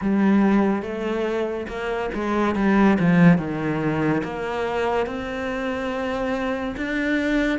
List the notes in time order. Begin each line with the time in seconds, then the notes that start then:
0.01 G3
0.82 A3
1.67 A#3
2.14 G#3
2.55 G3
2.99 F3
3.38 D#3
4.23 A#3
5.06 C4
6.76 D4